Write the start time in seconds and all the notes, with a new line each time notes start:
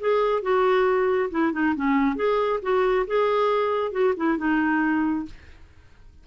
0.00 G#4
0.42 F#4
1.31 E4
1.52 D#4
1.76 C#4
2.16 G#4
2.62 F#4
3.07 G#4
3.92 F#4
4.16 E4
4.38 D#4